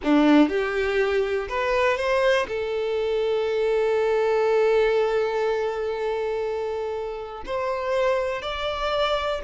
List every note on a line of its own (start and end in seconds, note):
0.03 0.48 D4
0.48 1.48 G4
1.49 1.97 B4
1.97 2.46 C5
2.47 7.43 A4
7.45 8.42 C5
8.42 9.41 D5